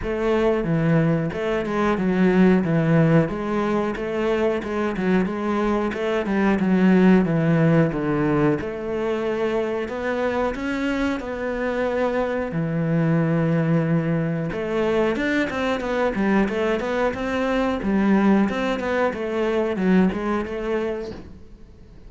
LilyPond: \new Staff \with { instrumentName = "cello" } { \time 4/4 \tempo 4 = 91 a4 e4 a8 gis8 fis4 | e4 gis4 a4 gis8 fis8 | gis4 a8 g8 fis4 e4 | d4 a2 b4 |
cis'4 b2 e4~ | e2 a4 d'8 c'8 | b8 g8 a8 b8 c'4 g4 | c'8 b8 a4 fis8 gis8 a4 | }